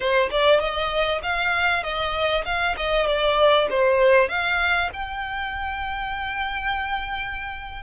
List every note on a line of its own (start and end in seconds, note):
0.00 0.29 C5
0.30 0.60 D5
0.60 1.21 D#5
1.22 1.83 F5
1.83 2.44 D#5
2.45 2.75 F5
2.77 3.06 D#5
3.06 3.67 D5
3.70 4.29 C5
4.29 4.90 F5
4.93 7.82 G5